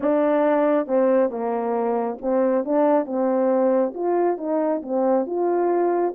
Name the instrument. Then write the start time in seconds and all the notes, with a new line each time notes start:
horn
0.00 D4
0.87 C4
1.29 A#3
2.21 C4
2.64 D4
3.05 C4
3.94 F4
4.37 D#4
4.82 C4
5.26 F4